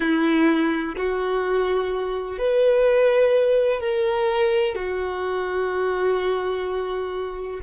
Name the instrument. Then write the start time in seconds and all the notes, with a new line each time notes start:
violin
0.00 E4
0.96 F#4
2.38 B4
3.80 A#4
4.74 F#4